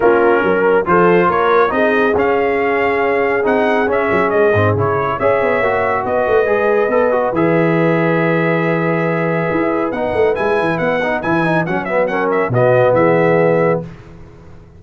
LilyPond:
<<
  \new Staff \with { instrumentName = "trumpet" } { \time 4/4 \tempo 4 = 139 ais'2 c''4 cis''4 | dis''4 f''2. | fis''4 e''4 dis''4 cis''4 | e''2 dis''2~ |
dis''4 e''2.~ | e''2. fis''4 | gis''4 fis''4 gis''4 fis''8 e''8 | fis''8 e''8 dis''4 e''2 | }
  \new Staff \with { instrumentName = "horn" } { \time 4/4 f'4 ais'4 a'4 ais'4 | gis'1~ | gis'1 | cis''2 b'2~ |
b'1~ | b'1~ | b'1 | ais'4 fis'4 gis'2 | }
  \new Staff \with { instrumentName = "trombone" } { \time 4/4 cis'2 f'2 | dis'4 cis'2. | dis'4 cis'4. c'8 e'4 | gis'4 fis'2 gis'4 |
a'8 fis'8 gis'2.~ | gis'2. dis'4 | e'4. dis'8 e'8 dis'8 cis'8 b8 | cis'4 b2. | }
  \new Staff \with { instrumentName = "tuba" } { \time 4/4 ais4 fis4 f4 ais4 | c'4 cis'2. | c'4 cis'8 fis8 gis8 gis,8 cis4 | cis'8 b8 ais4 b8 a8 gis4 |
b4 e2.~ | e2 e'4 b8 a8 | gis8 e8 b4 e4 fis4~ | fis4 b,4 e2 | }
>>